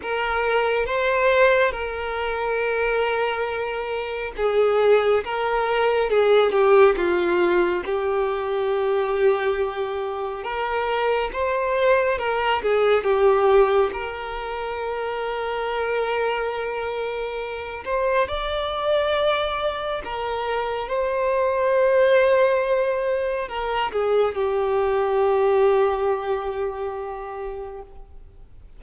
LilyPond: \new Staff \with { instrumentName = "violin" } { \time 4/4 \tempo 4 = 69 ais'4 c''4 ais'2~ | ais'4 gis'4 ais'4 gis'8 g'8 | f'4 g'2. | ais'4 c''4 ais'8 gis'8 g'4 |
ais'1~ | ais'8 c''8 d''2 ais'4 | c''2. ais'8 gis'8 | g'1 | }